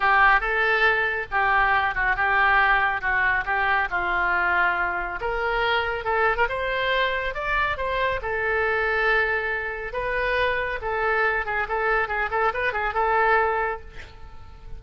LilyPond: \new Staff \with { instrumentName = "oboe" } { \time 4/4 \tempo 4 = 139 g'4 a'2 g'4~ | g'8 fis'8 g'2 fis'4 | g'4 f'2. | ais'2 a'8. ais'16 c''4~ |
c''4 d''4 c''4 a'4~ | a'2. b'4~ | b'4 a'4. gis'8 a'4 | gis'8 a'8 b'8 gis'8 a'2 | }